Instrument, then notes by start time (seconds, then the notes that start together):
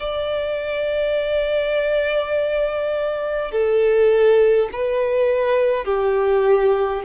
violin
0.00 D5
3.51 A4
4.72 B4
5.84 G4